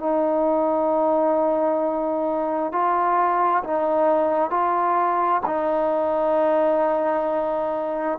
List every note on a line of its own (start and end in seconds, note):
0.00 2.73 D#4
2.73 3.64 F4
3.64 4.51 D#4
4.51 5.42 F4
5.46 8.19 D#4